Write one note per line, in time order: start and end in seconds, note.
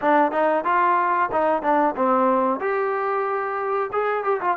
0.01 0.31 D4
0.31 0.64 D#4
0.64 1.29 F4
1.32 1.62 D#4
1.62 1.94 D4
1.96 2.59 C4
2.59 3.90 G4
3.92 4.24 G#4
4.24 4.40 G4
4.40 4.57 F4